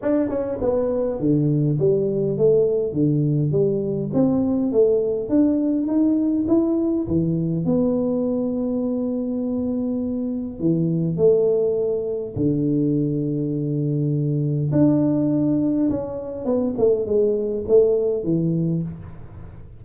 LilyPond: \new Staff \with { instrumentName = "tuba" } { \time 4/4 \tempo 4 = 102 d'8 cis'8 b4 d4 g4 | a4 d4 g4 c'4 | a4 d'4 dis'4 e'4 | e4 b2.~ |
b2 e4 a4~ | a4 d2.~ | d4 d'2 cis'4 | b8 a8 gis4 a4 e4 | }